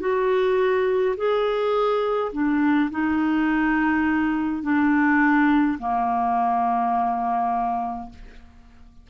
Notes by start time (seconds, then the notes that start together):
0.00 F#4
1.16 G#4
2.32 D4
2.91 D#4
4.63 D4
5.79 A#3